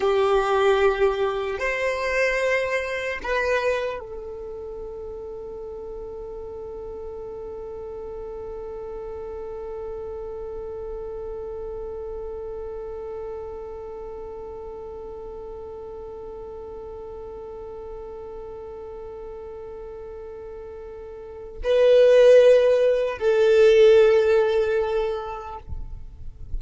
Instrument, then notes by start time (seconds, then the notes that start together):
violin
0.00 G4
1.58 C5
3.22 B4
3.99 A4
21.63 B4
23.18 A4